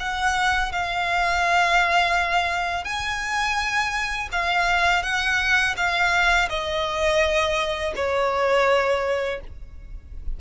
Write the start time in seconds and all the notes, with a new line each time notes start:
0.00 F#5
0.73 F5
2.85 G#5
4.32 F5
5.03 F#5
5.77 F5
6.50 D#5
7.96 C#5